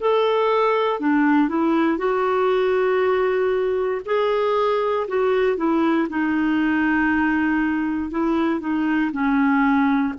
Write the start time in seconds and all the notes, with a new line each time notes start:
0.00 A4
1.00 D4
1.48 E4
1.98 F#4
4.05 G#4
5.08 F#4
5.57 E4
6.09 D#4
8.10 E4
8.60 D#4
9.12 C#4